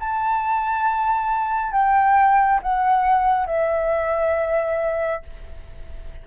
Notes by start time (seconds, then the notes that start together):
0.00 A5
1.72 G5
2.63 F#5
3.47 E5